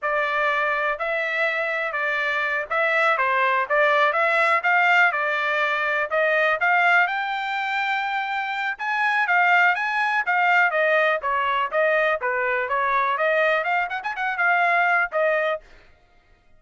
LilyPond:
\new Staff \with { instrumentName = "trumpet" } { \time 4/4 \tempo 4 = 123 d''2 e''2 | d''4. e''4 c''4 d''8~ | d''8 e''4 f''4 d''4.~ | d''8 dis''4 f''4 g''4.~ |
g''2 gis''4 f''4 | gis''4 f''4 dis''4 cis''4 | dis''4 b'4 cis''4 dis''4 | f''8 fis''16 gis''16 fis''8 f''4. dis''4 | }